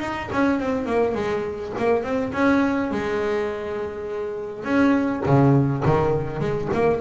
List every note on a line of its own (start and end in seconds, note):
0.00 0.29 D#4
0.33 0.60 C#4
0.60 0.86 C4
0.86 1.15 A#3
1.15 1.73 G#3
1.79 2.04 A#3
2.04 2.33 C4
2.33 2.91 C#4
2.92 4.65 G#3
4.65 5.23 C#4
5.26 5.84 C#3
5.86 6.40 D#3
6.40 6.69 G#3
6.74 7.01 A#3